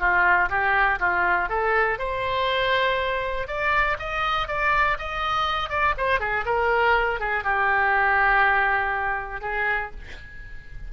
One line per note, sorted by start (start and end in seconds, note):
0.00 0.50 F4
0.50 0.99 G4
1.00 1.49 F4
1.50 1.99 A4
1.99 3.48 C5
3.48 3.97 D5
3.99 4.48 D#5
4.48 4.98 D5
4.99 5.70 D#5
5.70 5.95 D5
5.98 6.20 C5
6.20 6.45 G#4
6.46 7.20 A#4
7.20 7.44 G#4
7.44 9.42 G4
9.42 9.91 G#4